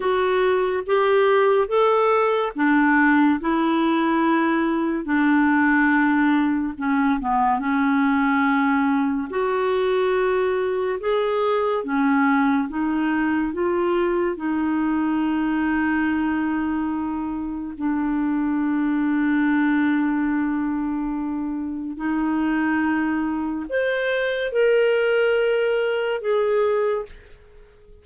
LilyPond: \new Staff \with { instrumentName = "clarinet" } { \time 4/4 \tempo 4 = 71 fis'4 g'4 a'4 d'4 | e'2 d'2 | cis'8 b8 cis'2 fis'4~ | fis'4 gis'4 cis'4 dis'4 |
f'4 dis'2.~ | dis'4 d'2.~ | d'2 dis'2 | c''4 ais'2 gis'4 | }